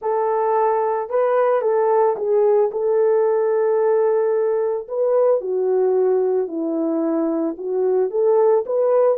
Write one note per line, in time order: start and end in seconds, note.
0.01 1.09 A4
1.09 1.61 B4
1.61 2.15 A4
2.16 2.70 G#4
2.71 4.87 A4
4.88 5.40 B4
5.40 6.47 F#4
6.47 7.55 E4
7.57 8.10 F#4
8.10 8.64 A4
8.66 9.17 B4